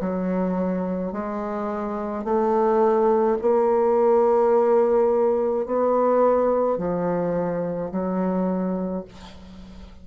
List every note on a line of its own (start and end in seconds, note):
0.00 1.12 F#3
1.12 2.24 G#3
2.24 3.38 A3
3.41 5.66 A#3
5.66 6.78 B3
6.78 7.91 F3
7.91 9.05 F#3